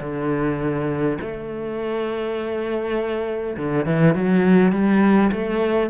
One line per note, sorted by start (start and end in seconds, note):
0.00 1.18 D3
1.21 3.56 A3
3.57 3.86 D3
3.86 4.14 E3
4.14 4.72 F#3
4.72 5.31 G3
5.32 5.90 A3